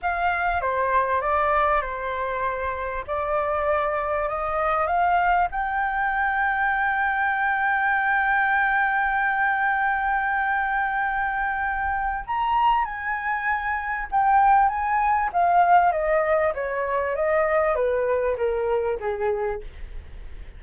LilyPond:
\new Staff \with { instrumentName = "flute" } { \time 4/4 \tempo 4 = 98 f''4 c''4 d''4 c''4~ | c''4 d''2 dis''4 | f''4 g''2.~ | g''1~ |
g''1 | ais''4 gis''2 g''4 | gis''4 f''4 dis''4 cis''4 | dis''4 b'4 ais'4 gis'4 | }